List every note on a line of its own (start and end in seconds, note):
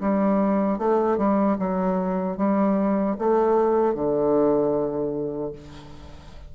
0.00 0.78 G3
0.78 1.18 A3
1.18 1.57 G3
1.59 2.37 F#3
2.37 3.16 G3
3.18 3.94 A3
3.94 5.52 D3